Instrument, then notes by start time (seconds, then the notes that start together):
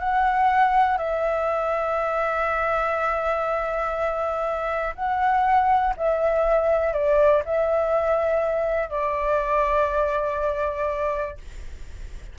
flute
0.00 F#5
0.98 E5
4.95 F#5
5.97 E5
6.94 D5
7.46 E5
8.90 D5